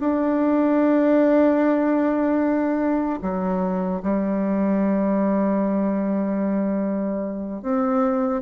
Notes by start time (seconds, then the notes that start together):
0.00 D4
3.22 F#3
4.03 G3
7.62 C4